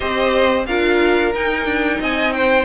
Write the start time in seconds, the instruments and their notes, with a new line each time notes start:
0.00 cello C4, viola G4, violin C5 D#5
0.66 cello D4, viola F4, violin A#4 F5
1.34 cello D#4, viola D#4, violin G5
1.65 cello D4
2.00 cello C4, violin D#5 G#5
2.32 violin C5 G5